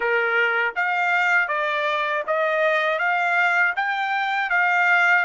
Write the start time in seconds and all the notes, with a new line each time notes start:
0.00 A#4
0.75 F5
1.48 D5
2.26 D#5
2.98 F5
3.76 G5
4.50 F5